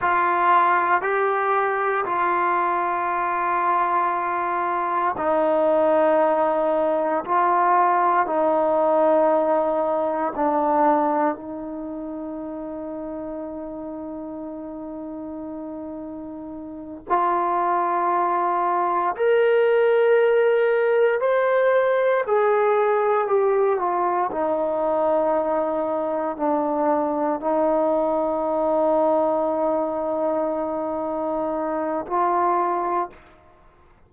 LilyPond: \new Staff \with { instrumentName = "trombone" } { \time 4/4 \tempo 4 = 58 f'4 g'4 f'2~ | f'4 dis'2 f'4 | dis'2 d'4 dis'4~ | dis'1~ |
dis'8 f'2 ais'4.~ | ais'8 c''4 gis'4 g'8 f'8 dis'8~ | dis'4. d'4 dis'4.~ | dis'2. f'4 | }